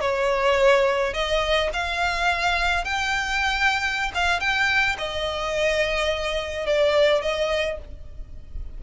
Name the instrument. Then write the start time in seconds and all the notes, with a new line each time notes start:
violin
0.00 C#5
1.13 D#5
1.73 F5
2.84 G5
4.14 F5
4.40 G5
4.98 D#5
6.66 D5
7.21 D#5